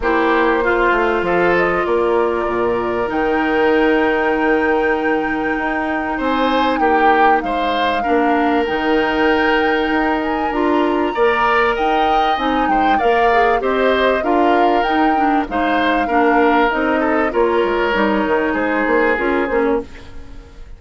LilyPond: <<
  \new Staff \with { instrumentName = "flute" } { \time 4/4 \tempo 4 = 97 c''2 f''8 dis''8 d''4~ | d''4 g''2.~ | g''2 gis''4 g''4 | f''2 g''2~ |
g''8 gis''8 ais''2 g''4 | gis''8 g''8 f''4 dis''4 f''4 | g''4 f''2 dis''4 | cis''2 c''4 ais'8 c''16 cis''16 | }
  \new Staff \with { instrumentName = "oboe" } { \time 4/4 g'4 f'4 a'4 ais'4~ | ais'1~ | ais'2 c''4 g'4 | c''4 ais'2.~ |
ais'2 d''4 dis''4~ | dis''8 c''8 d''4 c''4 ais'4~ | ais'4 c''4 ais'4. a'8 | ais'2 gis'2 | }
  \new Staff \with { instrumentName = "clarinet" } { \time 4/4 e'4 f'2.~ | f'4 dis'2.~ | dis'1~ | dis'4 d'4 dis'2~ |
dis'4 f'4 ais'2 | dis'4 ais'8 gis'8 g'4 f'4 | dis'8 d'8 dis'4 d'4 dis'4 | f'4 dis'2 f'8 cis'8 | }
  \new Staff \with { instrumentName = "bassoon" } { \time 4/4 ais4. a8 f4 ais4 | ais,4 dis2.~ | dis4 dis'4 c'4 ais4 | gis4 ais4 dis2 |
dis'4 d'4 ais4 dis'4 | c'8 gis8 ais4 c'4 d'4 | dis'4 gis4 ais4 c'4 | ais8 gis8 g8 dis8 gis8 ais8 cis'8 ais8 | }
>>